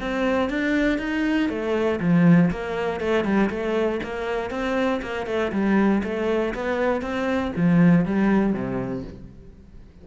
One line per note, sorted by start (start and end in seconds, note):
0.00 0.50 C4
0.50 0.98 D4
0.98 1.49 D#4
1.49 1.99 A3
2.00 2.50 F3
2.50 3.00 A#3
3.00 3.24 A3
3.24 3.49 G3
3.50 4.00 A3
4.03 4.50 A#3
4.50 5.01 C4
5.02 5.26 A#3
5.26 5.51 A3
5.52 6.02 G3
6.03 6.54 A3
6.54 7.01 B3
7.01 7.52 C4
7.56 8.05 F3
8.05 8.53 G3
8.53 9.03 C3